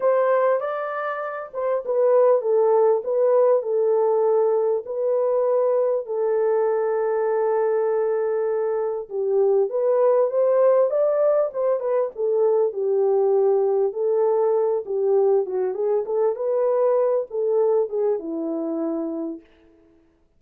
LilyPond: \new Staff \with { instrumentName = "horn" } { \time 4/4 \tempo 4 = 99 c''4 d''4. c''8 b'4 | a'4 b'4 a'2 | b'2 a'2~ | a'2. g'4 |
b'4 c''4 d''4 c''8 b'8 | a'4 g'2 a'4~ | a'8 g'4 fis'8 gis'8 a'8 b'4~ | b'8 a'4 gis'8 e'2 | }